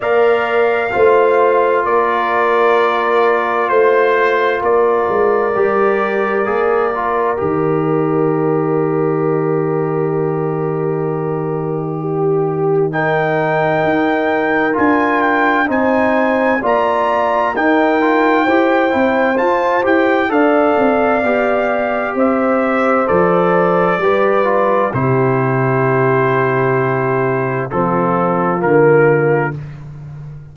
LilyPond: <<
  \new Staff \with { instrumentName = "trumpet" } { \time 4/4 \tempo 4 = 65 f''2 d''2 | c''4 d''2. | dis''1~ | dis''2 g''2 |
gis''8 g''8 gis''4 ais''4 g''4~ | g''4 a''8 g''8 f''2 | e''4 d''2 c''4~ | c''2 a'4 ais'4 | }
  \new Staff \with { instrumentName = "horn" } { \time 4/4 d''4 c''4 ais'2 | c''4 ais'2.~ | ais'1~ | ais'4 g'4 ais'2~ |
ais'4 c''4 d''4 ais'4 | c''2 d''2 | c''2 b'4 g'4~ | g'2 f'2 | }
  \new Staff \with { instrumentName = "trombone" } { \time 4/4 ais'4 f'2.~ | f'2 g'4 gis'8 f'8 | g'1~ | g'2 dis'2 |
f'4 dis'4 f'4 dis'8 f'8 | g'8 e'8 f'8 g'8 a'4 g'4~ | g'4 a'4 g'8 f'8 e'4~ | e'2 c'4 ais4 | }
  \new Staff \with { instrumentName = "tuba" } { \time 4/4 ais4 a4 ais2 | a4 ais8 gis8 g4 ais4 | dis1~ | dis2. dis'4 |
d'4 c'4 ais4 dis'4 | e'8 c'8 f'8 e'8 d'8 c'8 b4 | c'4 f4 g4 c4~ | c2 f4 d4 | }
>>